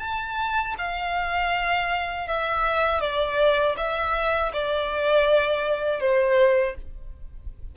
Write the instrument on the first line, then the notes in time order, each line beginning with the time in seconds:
violin
0.00 A5
0.78 F5
2.28 E5
3.01 D5
3.77 E5
4.53 D5
6.00 C5